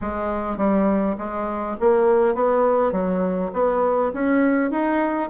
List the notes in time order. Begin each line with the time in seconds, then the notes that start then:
0.01 G#3
0.57 G3
1.17 G#3
1.79 A#3
2.34 B3
2.92 F#3
3.53 B3
4.13 C#4
4.70 D#4